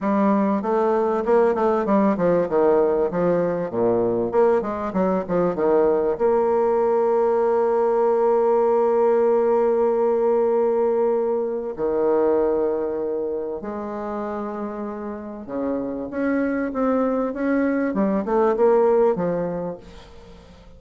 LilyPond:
\new Staff \with { instrumentName = "bassoon" } { \time 4/4 \tempo 4 = 97 g4 a4 ais8 a8 g8 f8 | dis4 f4 ais,4 ais8 gis8 | fis8 f8 dis4 ais2~ | ais1~ |
ais2. dis4~ | dis2 gis2~ | gis4 cis4 cis'4 c'4 | cis'4 g8 a8 ais4 f4 | }